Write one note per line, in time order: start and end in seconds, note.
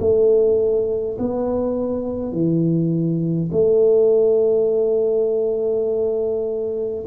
0.00 1.18 A3
1.19 2.33 B3
2.33 3.50 E3
3.52 7.05 A3